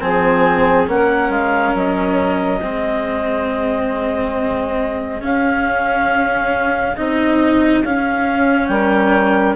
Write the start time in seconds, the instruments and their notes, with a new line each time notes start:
0.00 bassoon F3, cello C4, saxophone G#4, clarinet G#5
0.87 bassoon A#3, cello C#4, saxophone A#4, clarinet F#5
1.29 bassoon G#3, clarinet F5
1.74 bassoon F#3, clarinet D#5
2.60 bassoon G#3, cello C4, saxophone G#4
5.21 cello C#4, bassoon C#4, clarinet F5
6.96 bassoon C4, cello D#4, clarinet D#5
7.84 bassoon C#4, cello C#4, clarinet F5
8.67 bassoon G3, saxophone A#4, clarinet G5